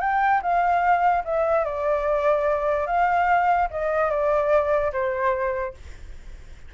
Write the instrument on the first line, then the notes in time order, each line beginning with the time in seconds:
flute
0.00 G5
0.42 F5
1.24 E5
1.64 D5
2.86 F5
3.70 D#5
4.10 D5
4.93 C5